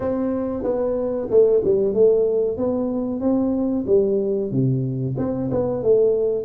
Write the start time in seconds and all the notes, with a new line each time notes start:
0.00 C4
0.63 B3
1.30 A3
1.64 G3
1.94 A3
2.57 B3
3.20 C4
3.87 G3
4.51 C3
5.17 C4
5.50 B3
5.82 A3